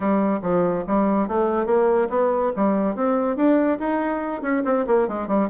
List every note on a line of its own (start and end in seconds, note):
0.00 0.40 G3
0.42 0.84 F3
0.87 1.28 G3
1.28 1.66 A3
1.66 2.08 A#3
2.09 2.51 B3
2.56 2.95 G3
2.95 3.36 C4
3.36 3.78 D4
3.79 4.42 D#4
4.42 4.63 C#4
4.64 4.86 C4
4.86 5.08 A#3
5.08 5.27 G#3
5.27 5.48 G3